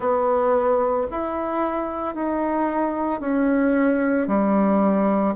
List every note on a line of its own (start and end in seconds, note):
0.00 1.07 B3
1.11 2.14 E4
2.14 3.20 D#4
3.20 4.27 C#4
4.27 5.34 G3